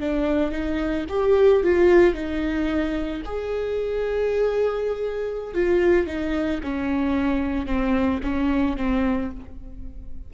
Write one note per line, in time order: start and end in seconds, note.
0.00 0.52 D4
0.52 1.06 D#4
1.09 1.63 G4
1.64 2.14 F4
2.14 3.22 D#4
3.25 5.54 G#4
5.54 6.07 F4
6.07 6.61 D#4
6.63 7.66 C#4
7.66 8.20 C4
8.23 8.77 C#4
8.77 9.31 C4